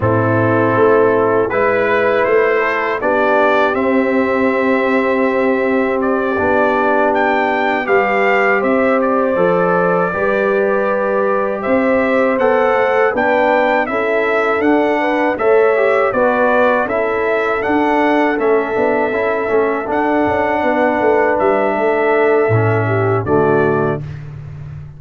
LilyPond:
<<
  \new Staff \with { instrumentName = "trumpet" } { \time 4/4 \tempo 4 = 80 a'2 b'4 c''4 | d''4 e''2. | d''4. g''4 f''4 e''8 | d''2.~ d''8 e''8~ |
e''8 fis''4 g''4 e''4 fis''8~ | fis''8 e''4 d''4 e''4 fis''8~ | fis''8 e''2 fis''4.~ | fis''8 e''2~ e''8 d''4 | }
  \new Staff \with { instrumentName = "horn" } { \time 4/4 e'2 b'4. a'8 | g'1~ | g'2~ g'8 b'4 c''8~ | c''4. b'2 c''8~ |
c''4. b'4 a'4. | b'8 cis''4 b'4 a'4.~ | a'2.~ a'8 b'8~ | b'4 a'4. g'8 fis'4 | }
  \new Staff \with { instrumentName = "trombone" } { \time 4/4 c'2 e'2 | d'4 c'2.~ | c'8 d'2 g'4.~ | g'8 a'4 g'2~ g'8~ |
g'8 a'4 d'4 e'4 d'8~ | d'8 a'8 g'8 fis'4 e'4 d'8~ | d'8 cis'8 d'8 e'8 cis'8 d'4.~ | d'2 cis'4 a4 | }
  \new Staff \with { instrumentName = "tuba" } { \time 4/4 a,4 a4 gis4 a4 | b4 c'2.~ | c'8 b2 g4 c'8~ | c'8 f4 g2 c'8~ |
c'8 b8 a8 b4 cis'4 d'8~ | d'8 a4 b4 cis'4 d'8~ | d'8 a8 b8 cis'8 a8 d'8 cis'8 b8 | a8 g8 a4 a,4 d4 | }
>>